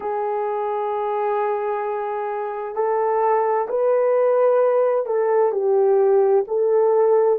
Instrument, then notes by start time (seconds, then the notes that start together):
horn
0.00 G#4
2.75 A4
3.68 B4
5.06 A4
5.51 G4
6.47 A4